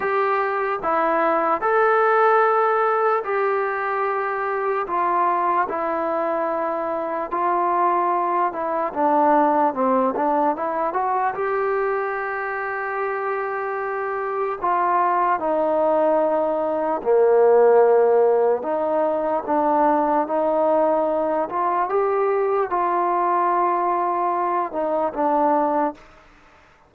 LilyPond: \new Staff \with { instrumentName = "trombone" } { \time 4/4 \tempo 4 = 74 g'4 e'4 a'2 | g'2 f'4 e'4~ | e'4 f'4. e'8 d'4 | c'8 d'8 e'8 fis'8 g'2~ |
g'2 f'4 dis'4~ | dis'4 ais2 dis'4 | d'4 dis'4. f'8 g'4 | f'2~ f'8 dis'8 d'4 | }